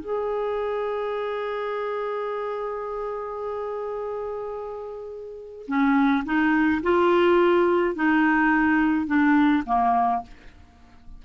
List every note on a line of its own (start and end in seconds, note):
0.00 5.66 G#4
5.67 6.24 C#4
6.25 6.82 D#4
6.83 7.95 F4
7.95 9.07 D#4
9.07 9.64 D4
9.66 10.22 A#3